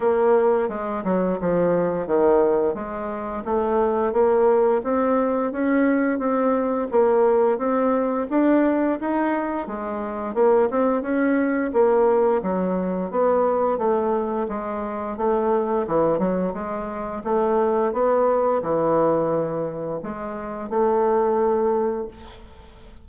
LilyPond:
\new Staff \with { instrumentName = "bassoon" } { \time 4/4 \tempo 4 = 87 ais4 gis8 fis8 f4 dis4 | gis4 a4 ais4 c'4 | cis'4 c'4 ais4 c'4 | d'4 dis'4 gis4 ais8 c'8 |
cis'4 ais4 fis4 b4 | a4 gis4 a4 e8 fis8 | gis4 a4 b4 e4~ | e4 gis4 a2 | }